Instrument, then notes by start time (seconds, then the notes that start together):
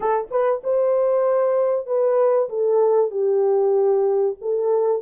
horn
0.00 A4
0.30 B4
0.63 C5
1.86 B4
2.49 A4
3.11 G4
4.41 A4